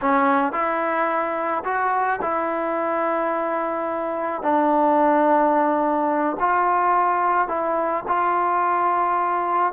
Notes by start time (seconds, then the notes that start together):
0.01 C#4
0.52 E4
1.64 F#4
2.21 E4
4.42 D4
6.39 F4
7.47 E4
8.07 F4